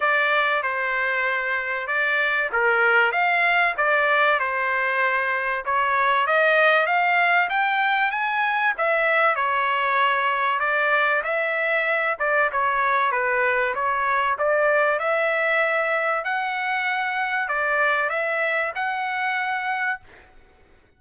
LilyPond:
\new Staff \with { instrumentName = "trumpet" } { \time 4/4 \tempo 4 = 96 d''4 c''2 d''4 | ais'4 f''4 d''4 c''4~ | c''4 cis''4 dis''4 f''4 | g''4 gis''4 e''4 cis''4~ |
cis''4 d''4 e''4. d''8 | cis''4 b'4 cis''4 d''4 | e''2 fis''2 | d''4 e''4 fis''2 | }